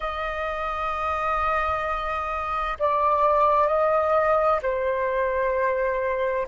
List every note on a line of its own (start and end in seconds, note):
0.00 2.77 D#5
2.79 3.67 D5
3.67 4.59 D#5
4.62 6.47 C5